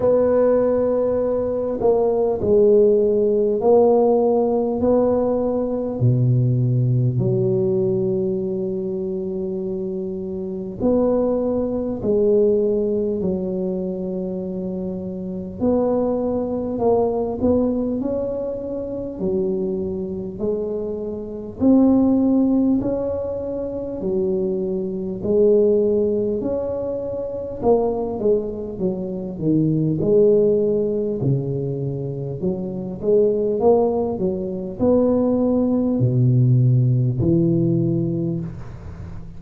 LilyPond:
\new Staff \with { instrumentName = "tuba" } { \time 4/4 \tempo 4 = 50 b4. ais8 gis4 ais4 | b4 b,4 fis2~ | fis4 b4 gis4 fis4~ | fis4 b4 ais8 b8 cis'4 |
fis4 gis4 c'4 cis'4 | fis4 gis4 cis'4 ais8 gis8 | fis8 dis8 gis4 cis4 fis8 gis8 | ais8 fis8 b4 b,4 e4 | }